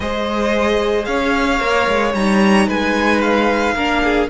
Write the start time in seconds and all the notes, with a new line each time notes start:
0.00 G#3 G#4 C5 D#5
1.05 C#4 C#5 F5
1.59 A#3 A#4
1.87 G#3
2.14 G3 D#4 A#5
2.67 G#3 B4 G#5
3.21 F5
3.74 A#3 D4 A#4
4.03 G#4